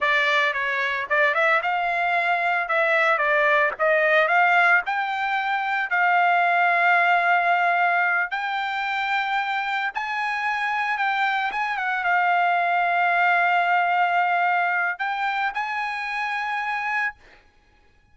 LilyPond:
\new Staff \with { instrumentName = "trumpet" } { \time 4/4 \tempo 4 = 112 d''4 cis''4 d''8 e''8 f''4~ | f''4 e''4 d''4 dis''4 | f''4 g''2 f''4~ | f''2.~ f''8 g''8~ |
g''2~ g''8 gis''4.~ | gis''8 g''4 gis''8 fis''8 f''4.~ | f''1 | g''4 gis''2. | }